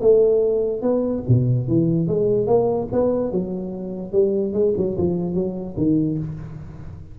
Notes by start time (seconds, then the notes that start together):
0.00 A3
0.81 B3
1.28 B2
1.67 E3
2.07 G#3
2.46 A#3
2.92 B3
3.32 F#3
4.12 G3
4.53 G#3
4.77 F#3
4.97 F3
5.34 F#3
5.77 D#3